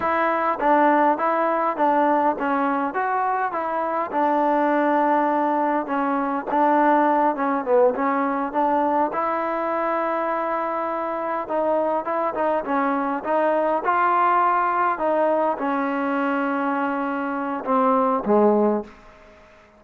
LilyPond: \new Staff \with { instrumentName = "trombone" } { \time 4/4 \tempo 4 = 102 e'4 d'4 e'4 d'4 | cis'4 fis'4 e'4 d'4~ | d'2 cis'4 d'4~ | d'8 cis'8 b8 cis'4 d'4 e'8~ |
e'2.~ e'8 dis'8~ | dis'8 e'8 dis'8 cis'4 dis'4 f'8~ | f'4. dis'4 cis'4.~ | cis'2 c'4 gis4 | }